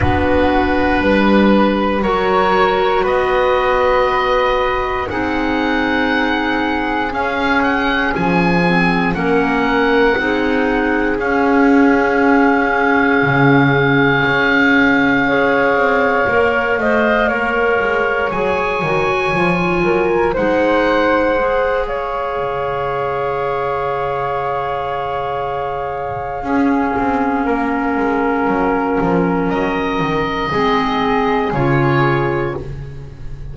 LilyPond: <<
  \new Staff \with { instrumentName = "oboe" } { \time 4/4 \tempo 4 = 59 b'2 cis''4 dis''4~ | dis''4 fis''2 f''8 fis''8 | gis''4 fis''2 f''4~ | f''1~ |
f''2 gis''2 | fis''4. f''2~ f''8~ | f''1~ | f''4 dis''2 cis''4 | }
  \new Staff \with { instrumentName = "flute" } { \time 4/4 fis'4 b'4 ais'4 b'4~ | b'4 gis'2.~ | gis'4 ais'4 gis'2~ | gis'2. cis''4~ |
cis''8 dis''8 cis''2~ cis''8 ais'8 | c''4. cis''2~ cis''8~ | cis''2 gis'4 ais'4~ | ais'2 gis'2 | }
  \new Staff \with { instrumentName = "clarinet" } { \time 4/4 d'2 fis'2~ | fis'4 dis'2 cis'4~ | cis'8 c'8 cis'4 dis'4 cis'4~ | cis'2. gis'4 |
ais'8 c''8 ais'4 gis'8 fis'8 f'4 | dis'4 gis'2.~ | gis'2 cis'2~ | cis'2 c'4 f'4 | }
  \new Staff \with { instrumentName = "double bass" } { \time 4/4 b4 g4 fis4 b4~ | b4 c'2 cis'4 | f4 ais4 c'4 cis'4~ | cis'4 cis4 cis'4. c'8 |
ais8 a8 ais8 gis8 fis8 dis8 f8 fis8 | gis2 cis2~ | cis2 cis'8 c'8 ais8 gis8 | fis8 f8 fis8 dis8 gis4 cis4 | }
>>